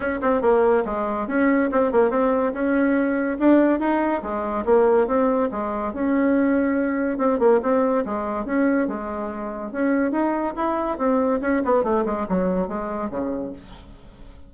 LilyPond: \new Staff \with { instrumentName = "bassoon" } { \time 4/4 \tempo 4 = 142 cis'8 c'8 ais4 gis4 cis'4 | c'8 ais8 c'4 cis'2 | d'4 dis'4 gis4 ais4 | c'4 gis4 cis'2~ |
cis'4 c'8 ais8 c'4 gis4 | cis'4 gis2 cis'4 | dis'4 e'4 c'4 cis'8 b8 | a8 gis8 fis4 gis4 cis4 | }